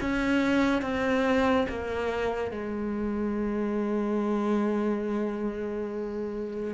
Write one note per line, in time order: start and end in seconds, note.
0.00 0.81 C#4
0.81 1.66 C4
1.69 2.51 A#3
2.51 6.74 G#3